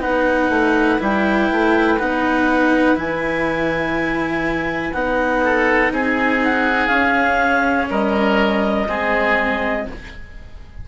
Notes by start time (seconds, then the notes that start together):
0.00 B3 D#4 B4 F#5
0.49 A3
0.99 G3 E4 G5
1.51 A3
1.99 B3 D#4 F#5
2.96 E3 E4 G#5
4.93 B3 D#4 F#5
5.43 A4
5.91 C4 G#4 G#5
6.44 F#5
6.87 C#4 F5
7.90 G3 A#4 D#5
8.88 G#3 C4 G#4